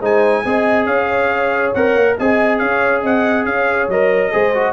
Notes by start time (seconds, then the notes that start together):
0.00 G#3 D#4 C5 G#5
0.45 C4 G#4 D#5
0.86 C#4 C#5 F5
1.74 C4 A#4 F#5
1.95 A#3
2.17 C4 G#4 D#5 G#5
2.58 C#4 C#5 F5
3.01 C4 D#5 F#5
3.45 C#4 C#5 F5
3.88 F#3 A#4 D#5
4.32 G#3 G#4 C5
4.54 F#4